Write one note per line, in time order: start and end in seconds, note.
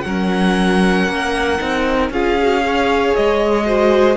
0.00 1.07 F#3
0.00 1.59 C#4
0.00 2.11 A#4
0.00 2.07 F#5
1.07 1.59 A#3
1.59 2.10 C4
1.59 2.11 D#4
2.10 3.13 C#4
2.10 2.38 F4
2.10 2.63 G#4
2.10 3.15 F5
2.42 2.60 F#4
2.60 3.63 G#4
2.66 3.66 C#5
3.15 4.17 G#3
3.15 4.17 D#5
3.65 4.17 F#4
3.65 4.17 C5